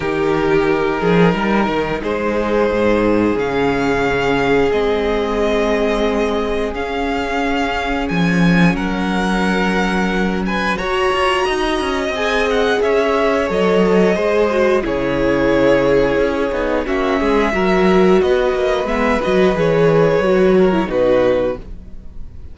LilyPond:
<<
  \new Staff \with { instrumentName = "violin" } { \time 4/4 \tempo 4 = 89 ais'2. c''4~ | c''4 f''2 dis''4~ | dis''2 f''2 | gis''4 fis''2~ fis''8 gis''8 |
ais''2 gis''8 fis''8 e''4 | dis''2 cis''2~ | cis''4 e''2 dis''4 | e''8 dis''8 cis''2 b'4 | }
  \new Staff \with { instrumentName = "violin" } { \time 4/4 g'4. gis'8 ais'4 gis'4~ | gis'1~ | gis'1~ | gis'4 ais'2~ ais'8 b'8 |
cis''4 dis''2 cis''4~ | cis''4 c''4 gis'2~ | gis'4 fis'8 gis'8 ais'4 b'4~ | b'2~ b'8 ais'8 fis'4 | }
  \new Staff \with { instrumentName = "viola" } { \time 4/4 dis'1~ | dis'4 cis'2 c'4~ | c'2 cis'2~ | cis'1 |
fis'2 gis'2 | a'4 gis'8 fis'8 e'2~ | e'8 dis'8 cis'4 fis'2 | b8 fis'8 gis'4 fis'8. e'16 dis'4 | }
  \new Staff \with { instrumentName = "cello" } { \time 4/4 dis4. f8 g8 dis8 gis4 | gis,4 cis2 gis4~ | gis2 cis'2 | f4 fis2. |
fis'8 f'8 dis'8 cis'8 c'4 cis'4 | fis4 gis4 cis2 | cis'8 b8 ais8 gis8 fis4 b8 ais8 | gis8 fis8 e4 fis4 b,4 | }
>>